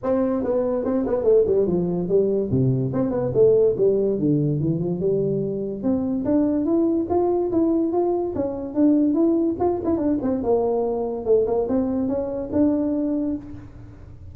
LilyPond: \new Staff \with { instrumentName = "tuba" } { \time 4/4 \tempo 4 = 144 c'4 b4 c'8 b8 a8 g8 | f4 g4 c4 c'8 b8 | a4 g4 d4 e8 f8 | g2 c'4 d'4 |
e'4 f'4 e'4 f'4 | cis'4 d'4 e'4 f'8 e'8 | d'8 c'8 ais2 a8 ais8 | c'4 cis'4 d'2 | }